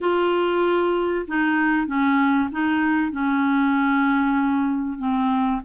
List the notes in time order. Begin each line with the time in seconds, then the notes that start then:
0.01 F4
1.27 D#4
1.86 C#4
2.51 D#4
3.11 C#4
4.98 C4